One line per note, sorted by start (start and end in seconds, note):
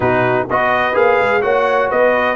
0.00 0.45 B2
0.00 0.47 D#4
0.00 0.45 F#4
0.00 0.47 B4
0.48 0.94 B3
0.48 0.93 F#4
0.48 1.42 B4
0.48 0.96 D#5
0.93 1.18 A#3
0.93 1.40 G#4
0.93 1.42 F5
1.19 1.43 G#3
1.41 1.90 A#3
1.41 2.36 F#4
1.41 1.89 C#5
1.41 1.89 F#5
1.89 2.36 B3
1.89 2.36 B4
1.89 2.36 D#5